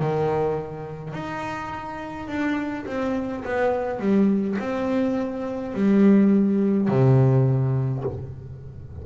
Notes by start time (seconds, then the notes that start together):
0.00 D#3
1.14 D#4
2.28 D4
2.86 C4
3.45 B3
4.00 G3
4.59 C4
5.75 G3
6.89 C3